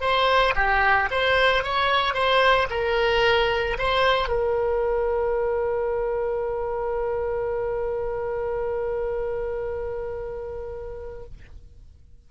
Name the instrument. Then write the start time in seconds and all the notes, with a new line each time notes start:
oboe
0.00 C5
0.55 G4
1.11 C5
1.63 C#5
2.14 C5
2.70 A#4
3.78 C5
4.28 A#4